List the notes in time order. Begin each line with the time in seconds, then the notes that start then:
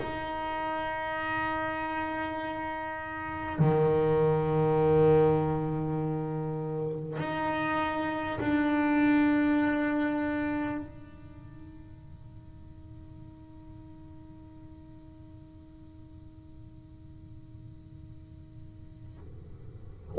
0.00 D#4
3.58 D#3
7.19 D#4
8.40 D4
10.78 D#4